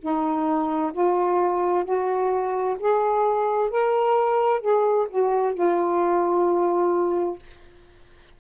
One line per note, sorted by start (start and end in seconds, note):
0.00 0.92 D#4
0.93 1.85 F4
1.85 2.77 F#4
2.80 3.70 G#4
3.70 4.61 A#4
4.61 5.07 G#4
5.10 5.55 F#4
5.55 7.39 F4